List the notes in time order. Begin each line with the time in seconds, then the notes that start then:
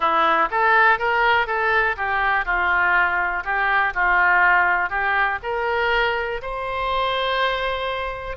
0.00 E4
0.50 A4
0.99 A#4
1.46 A4
1.96 G4
2.45 F4
3.44 G4
3.94 F4
4.89 G4
5.42 A#4
6.42 C5